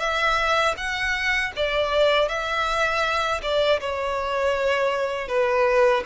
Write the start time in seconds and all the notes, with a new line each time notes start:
0.00 E5
0.77 F#5
1.56 D5
2.29 E5
3.43 D5
3.81 C#5
5.28 B4